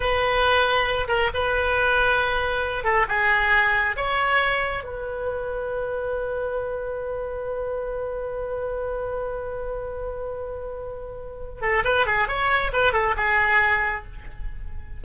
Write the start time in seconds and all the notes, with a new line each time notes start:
0.00 B4
1.08 A#4
1.34 B4
2.84 A4
3.08 G#4
3.96 C#5
4.83 B4
11.61 A4
11.84 B4
12.06 G#4
12.27 C#5
12.72 B4
12.92 A4
13.16 G#4